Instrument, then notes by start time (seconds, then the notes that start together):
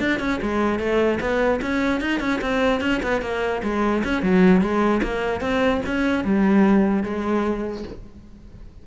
cello
0.00 D4
0.20 C#4
0.42 G#3
0.80 A3
1.21 B3
1.62 C#4
2.01 D#4
2.21 C#4
2.42 C4
2.81 C#4
3.03 B3
3.22 A#3
3.64 G#3
4.04 C#4
4.23 F#3
4.61 G#3
5.03 A#3
5.41 C4
5.87 C#4
6.25 G3
7.04 G#3